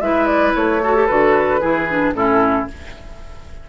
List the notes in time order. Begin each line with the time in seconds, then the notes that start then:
0.00 G#3 E4 B4 E5
0.26 D5
0.55 A3 C#5
0.83 F#4 A4
0.95 G4
1.06 D3 F#4 B4
1.61 E3 E4 G#4
1.90 D4
2.14 A2 C#4 E4 A4